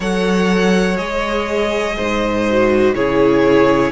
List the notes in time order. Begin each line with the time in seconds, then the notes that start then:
0.00 F#3 A4 C#5 F#5
0.96 G#3 G#4 D#5
1.96 G#2 C5
2.50 F#4
2.94 C#3 E4 G#4 C#5